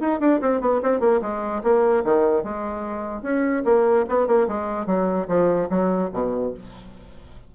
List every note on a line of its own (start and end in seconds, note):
0.00 0.20 D#4
0.20 0.41 D4
0.41 0.61 C4
0.61 0.81 B3
0.83 1.00 C4
1.00 1.21 A#3
1.22 1.63 G#3
1.63 2.04 A#3
2.05 2.44 D#3
2.44 3.23 G#3
3.23 3.63 C#4
3.65 4.06 A#3
4.09 4.27 B3
4.27 4.48 A#3
4.48 4.86 G#3
4.86 5.27 F#3
5.28 5.69 F3
5.70 6.11 F#3
6.13 6.54 B2